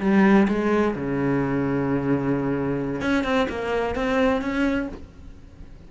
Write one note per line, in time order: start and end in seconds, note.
0.00 0.47 G3
0.48 0.94 G#3
0.95 3.01 C#3
3.01 3.24 C#4
3.24 3.47 C4
3.49 3.95 A#3
3.95 4.41 C4
4.41 4.88 C#4